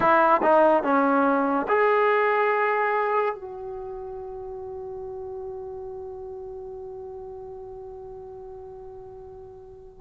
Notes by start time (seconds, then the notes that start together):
0.00 E4
0.42 D#4
0.83 C#4
1.68 G#4
3.34 F#4